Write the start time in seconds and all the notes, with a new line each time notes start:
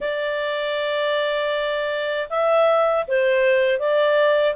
0.00 D5
2.29 E5
3.07 C5
3.79 D5